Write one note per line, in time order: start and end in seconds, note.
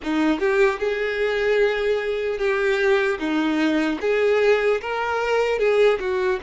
0.03 0.39 D#4
0.39 0.79 G4
0.79 2.38 G#4
2.38 3.18 G4
3.19 3.99 D#4
4.00 4.80 G#4
4.81 5.59 A#4
5.59 5.99 G#4
5.99 6.39 F#4